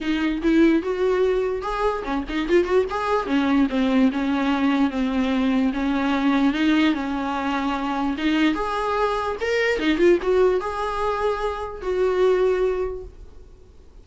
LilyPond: \new Staff \with { instrumentName = "viola" } { \time 4/4 \tempo 4 = 147 dis'4 e'4 fis'2 | gis'4 cis'8 dis'8 f'8 fis'8 gis'4 | cis'4 c'4 cis'2 | c'2 cis'2 |
dis'4 cis'2. | dis'4 gis'2 ais'4 | dis'8 f'8 fis'4 gis'2~ | gis'4 fis'2. | }